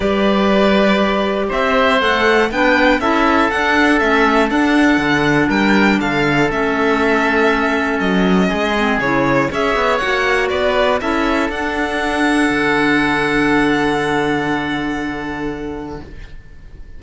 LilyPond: <<
  \new Staff \with { instrumentName = "violin" } { \time 4/4 \tempo 4 = 120 d''2. e''4 | fis''4 g''4 e''4 fis''4 | e''4 fis''2 g''4 | f''4 e''2. |
dis''2 cis''4 e''4 | fis''4 d''4 e''4 fis''4~ | fis''1~ | fis''1 | }
  \new Staff \with { instrumentName = "oboe" } { \time 4/4 b'2. c''4~ | c''4 b'4 a'2~ | a'2. ais'4 | a'1~ |
a'4 gis'2 cis''4~ | cis''4 b'4 a'2~ | a'1~ | a'1 | }
  \new Staff \with { instrumentName = "clarinet" } { \time 4/4 g'1 | a'4 d'4 e'4 d'4 | cis'4 d'2.~ | d'4 cis'2.~ |
cis'4. c'8 e'4 gis'4 | fis'2 e'4 d'4~ | d'1~ | d'1 | }
  \new Staff \with { instrumentName = "cello" } { \time 4/4 g2. c'4 | a4 b4 cis'4 d'4 | a4 d'4 d4 g4 | d4 a2. |
fis4 gis4 cis4 cis'8 b8 | ais4 b4 cis'4 d'4~ | d'4 d2.~ | d1 | }
>>